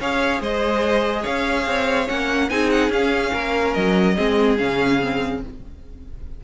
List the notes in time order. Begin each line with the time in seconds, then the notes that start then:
0.00 C#4 G#4 C#5 F5
0.41 G#3 C5 D#5
1.22 C#4 C#5 F5
1.66 C4
2.08 A#3 C#4 F#5
2.50 C4 D#4 G#4 G#5
2.70 F#5
2.89 C#4 F5
3.32 A#3 A#4
3.74 F#3 D#5
4.16 G#3 C4 G#4
4.58 C#3 C#4 F5
5.02 C4